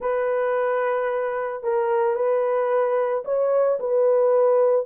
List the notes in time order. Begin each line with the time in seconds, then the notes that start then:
0.00 B4
1.63 A#4
2.15 B4
3.24 C#5
3.79 B4